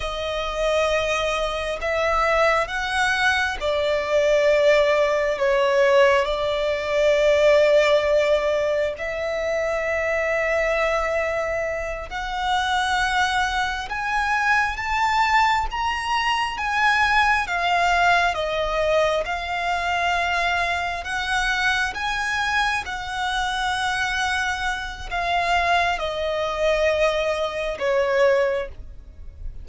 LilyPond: \new Staff \with { instrumentName = "violin" } { \time 4/4 \tempo 4 = 67 dis''2 e''4 fis''4 | d''2 cis''4 d''4~ | d''2 e''2~ | e''4. fis''2 gis''8~ |
gis''8 a''4 ais''4 gis''4 f''8~ | f''8 dis''4 f''2 fis''8~ | fis''8 gis''4 fis''2~ fis''8 | f''4 dis''2 cis''4 | }